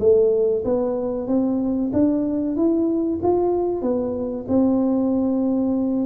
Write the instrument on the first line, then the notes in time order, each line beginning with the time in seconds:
tuba
0.00 A3
0.65 B3
1.27 C4
1.93 D4
2.56 E4
3.23 F4
3.82 B3
4.48 C4